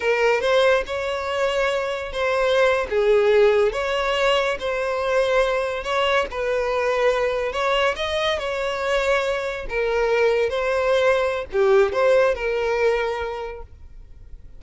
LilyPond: \new Staff \with { instrumentName = "violin" } { \time 4/4 \tempo 4 = 141 ais'4 c''4 cis''2~ | cis''4 c''4.~ c''16 gis'4~ gis'16~ | gis'8. cis''2 c''4~ c''16~ | c''4.~ c''16 cis''4 b'4~ b'16~ |
b'4.~ b'16 cis''4 dis''4 cis''16~ | cis''2~ cis''8. ais'4~ ais'16~ | ais'8. c''2~ c''16 g'4 | c''4 ais'2. | }